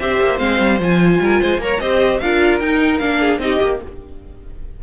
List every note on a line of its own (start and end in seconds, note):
0.00 0.20 C4
0.00 0.38 G4
0.00 1.22 C5
0.00 0.39 E5
0.21 0.40 A#3
0.38 0.60 G#3
0.38 0.78 C4
0.38 0.79 F5
0.60 0.80 G3
0.80 1.20 F3
0.80 1.61 F4
0.80 1.62 G#5
1.20 1.40 G3
1.20 1.41 A#4
1.41 1.59 G#3
1.41 1.61 C5
1.59 1.79 A#3
1.59 1.81 A#4
1.59 1.81 C#5
1.59 1.80 A#5
1.80 2.21 C4
1.80 2.21 G4
1.80 2.21 C5
1.80 2.19 D#5
2.19 2.60 D4
2.19 2.62 F4
2.19 3.20 A#4
2.19 2.59 F5
2.60 3.00 D#4
2.60 3.01 D#4
2.60 2.99 G5
2.99 3.39 A#3
2.99 3.41 D4
2.99 3.39 F5
3.20 3.40 G#4
3.39 3.59 C4
3.39 3.60 D#4
3.39 3.83 G4
3.39 3.81 D#5
3.60 3.82 A#3
3.60 3.80 G4